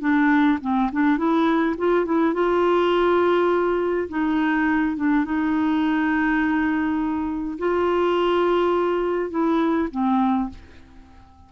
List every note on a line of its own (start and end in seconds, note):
0.00 0.58 D4
0.61 0.90 C4
0.92 1.17 D4
1.17 1.75 E4
1.77 2.05 F4
2.05 2.33 E4
2.33 4.08 F4
4.09 4.96 D#4
4.96 5.25 D4
5.25 7.58 D#4
7.58 9.30 F4
9.30 9.88 E4
9.91 10.49 C4